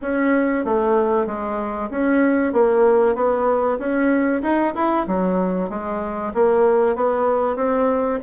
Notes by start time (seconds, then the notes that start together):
0.01 C#4
0.64 A3
1.26 G#3
1.90 C#4
2.52 A#3
3.15 B3
3.78 C#4
4.42 D#4
4.74 E4
5.07 F#3
5.69 G#3
6.33 A#3
6.95 B3
7.56 C4